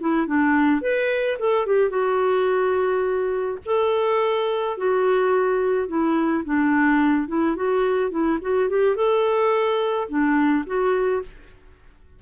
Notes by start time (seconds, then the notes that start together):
0.00 E4
0.27 D4
0.82 B4
1.39 A4
1.66 G4
1.90 F#4
3.66 A4
4.77 F#4
5.88 E4
6.45 D4
7.28 E4
7.56 F#4
8.11 E4
8.42 F#4
8.69 G4
8.96 A4
10.09 D4
10.66 F#4